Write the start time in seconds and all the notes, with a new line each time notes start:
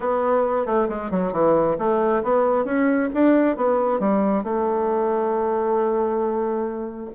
0.00 B3
0.65 A3
0.88 G#3
1.11 F#3
1.32 E3
1.78 A3
2.23 B3
2.64 C#4
3.14 D4
3.56 B3
3.99 G3
4.43 A3